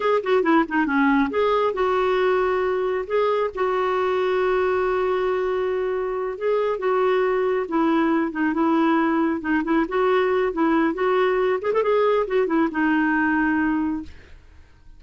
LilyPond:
\new Staff \with { instrumentName = "clarinet" } { \time 4/4 \tempo 4 = 137 gis'8 fis'8 e'8 dis'8 cis'4 gis'4 | fis'2. gis'4 | fis'1~ | fis'2~ fis'8 gis'4 fis'8~ |
fis'4. e'4. dis'8 e'8~ | e'4. dis'8 e'8 fis'4. | e'4 fis'4. gis'16 a'16 gis'4 | fis'8 e'8 dis'2. | }